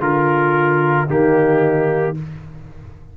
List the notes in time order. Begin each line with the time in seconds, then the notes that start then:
0.00 D3 F4 A#4
1.08 D#3 A#3 D#4 G4